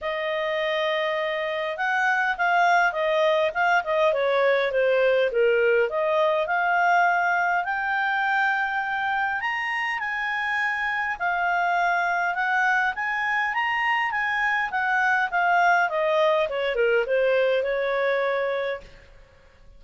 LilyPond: \new Staff \with { instrumentName = "clarinet" } { \time 4/4 \tempo 4 = 102 dis''2. fis''4 | f''4 dis''4 f''8 dis''8 cis''4 | c''4 ais'4 dis''4 f''4~ | f''4 g''2. |
ais''4 gis''2 f''4~ | f''4 fis''4 gis''4 ais''4 | gis''4 fis''4 f''4 dis''4 | cis''8 ais'8 c''4 cis''2 | }